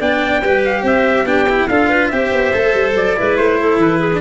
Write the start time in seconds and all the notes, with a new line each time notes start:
0.00 B3 D4 D5 G5
0.43 G3 G4 B4
0.65 F5
0.83 C4 C5 E5
1.25 B3 D4 G4 G5
1.49 E4
1.69 D4 F4 A4 F5
1.90 B4
2.08 C4 G4 C5 E5
2.33 B3
2.54 A3 A4
2.74 G3
2.95 F#3 D5
3.17 G#3 E4 B4
3.37 A3 C5
3.60 A4
3.77 E3 B4
3.99 G#4
4.13 D4